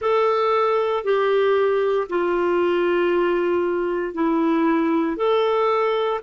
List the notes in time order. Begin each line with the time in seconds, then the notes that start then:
0.00 A4
1.03 G4
2.09 F4
4.14 E4
5.16 A4